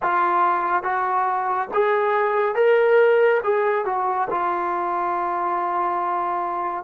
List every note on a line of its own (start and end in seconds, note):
0.02 0.83 F4
0.83 1.69 F#4
1.73 2.55 G#4
2.55 3.41 A#4
3.43 3.85 G#4
3.85 4.28 F#4
4.30 6.84 F4